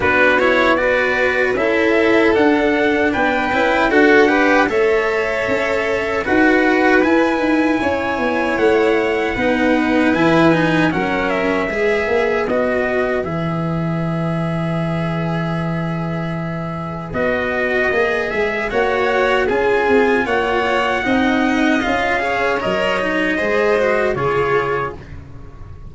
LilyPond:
<<
  \new Staff \with { instrumentName = "trumpet" } { \time 4/4 \tempo 4 = 77 b'8 cis''8 d''4 e''4 fis''4 | g''4 fis''4 e''2 | fis''4 gis''2 fis''4~ | fis''4 gis''4 fis''8 e''4. |
dis''4 e''2.~ | e''2 dis''4. e''8 | fis''4 gis''4 fis''2 | f''4 dis''2 cis''4 | }
  \new Staff \with { instrumentName = "violin" } { \time 4/4 fis'4 b'4 a'2 | b'4 a'8 b'8 cis''2 | b'2 cis''2 | b'2 ais'4 b'4~ |
b'1~ | b'1 | cis''4 gis'4 cis''4 dis''4~ | dis''8 cis''4. c''4 gis'4 | }
  \new Staff \with { instrumentName = "cello" } { \time 4/4 d'8 e'8 fis'4 e'4 d'4~ | d'8 e'8 fis'8 g'8 a'2 | fis'4 e'2. | dis'4 e'8 dis'8 cis'4 gis'4 |
fis'4 gis'2.~ | gis'2 fis'4 gis'4 | fis'4 f'2 dis'4 | f'8 gis'8 ais'8 dis'8 gis'8 fis'8 f'4 | }
  \new Staff \with { instrumentName = "tuba" } { \time 4/4 b2 cis'4 d'4 | b8 cis'8 d'4 a4 cis'4 | dis'4 e'8 dis'8 cis'8 b8 a4 | b4 e4 fis4 gis8 ais8 |
b4 e2.~ | e2 b4 ais8 gis8 | ais4 cis'8 c'8 ais4 c'4 | cis'4 fis4 gis4 cis4 | }
>>